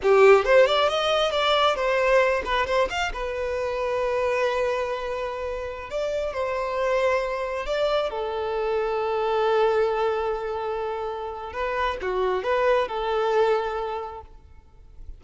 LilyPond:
\new Staff \with { instrumentName = "violin" } { \time 4/4 \tempo 4 = 135 g'4 c''8 d''8 dis''4 d''4 | c''4. b'8 c''8 f''8 b'4~ | b'1~ | b'4~ b'16 d''4 c''4.~ c''16~ |
c''4~ c''16 d''4 a'4.~ a'16~ | a'1~ | a'2 b'4 fis'4 | b'4 a'2. | }